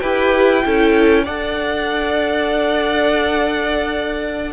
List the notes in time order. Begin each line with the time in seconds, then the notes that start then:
0.00 E4 G4 B4 G5
0.63 C#4 E4 A4
1.24 D4 A4 D5 F#5